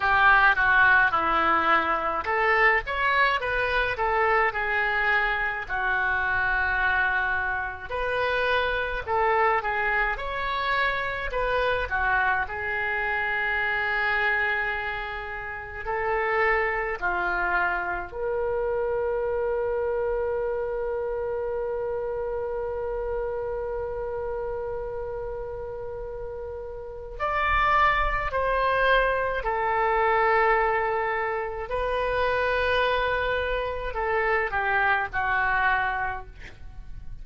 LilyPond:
\new Staff \with { instrumentName = "oboe" } { \time 4/4 \tempo 4 = 53 g'8 fis'8 e'4 a'8 cis''8 b'8 a'8 | gis'4 fis'2 b'4 | a'8 gis'8 cis''4 b'8 fis'8 gis'4~ | gis'2 a'4 f'4 |
ais'1~ | ais'1 | d''4 c''4 a'2 | b'2 a'8 g'8 fis'4 | }